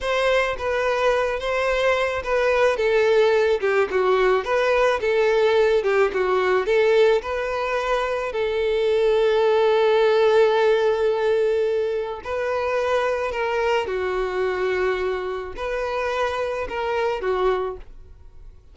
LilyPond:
\new Staff \with { instrumentName = "violin" } { \time 4/4 \tempo 4 = 108 c''4 b'4. c''4. | b'4 a'4. g'8 fis'4 | b'4 a'4. g'8 fis'4 | a'4 b'2 a'4~ |
a'1~ | a'2 b'2 | ais'4 fis'2. | b'2 ais'4 fis'4 | }